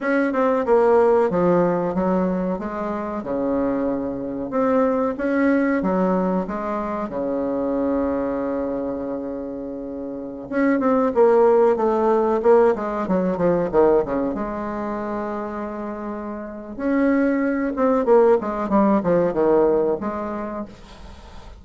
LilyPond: \new Staff \with { instrumentName = "bassoon" } { \time 4/4 \tempo 4 = 93 cis'8 c'8 ais4 f4 fis4 | gis4 cis2 c'4 | cis'4 fis4 gis4 cis4~ | cis1~ |
cis16 cis'8 c'8 ais4 a4 ais8 gis16~ | gis16 fis8 f8 dis8 cis8 gis4.~ gis16~ | gis2 cis'4. c'8 | ais8 gis8 g8 f8 dis4 gis4 | }